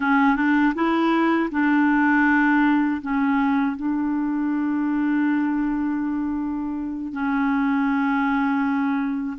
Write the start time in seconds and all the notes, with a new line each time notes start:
0.00 C#4
0.36 D4
0.74 E4
1.51 D4
3.01 C#4
3.76 D4
7.12 C#4